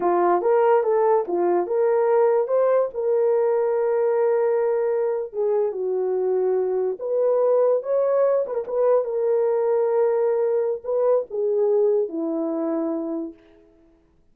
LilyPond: \new Staff \with { instrumentName = "horn" } { \time 4/4 \tempo 4 = 144 f'4 ais'4 a'4 f'4 | ais'2 c''4 ais'4~ | ais'1~ | ais'8. gis'4 fis'2~ fis'16~ |
fis'8. b'2 cis''4~ cis''16~ | cis''16 b'16 ais'16 b'4 ais'2~ ais'16~ | ais'2 b'4 gis'4~ | gis'4 e'2. | }